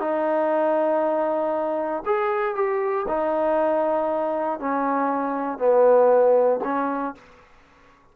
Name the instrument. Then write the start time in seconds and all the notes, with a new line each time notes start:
trombone
0.00 D#4
2.06 G#4
2.55 G4
3.08 D#4
4.59 C#4
5.58 B3
6.64 C#4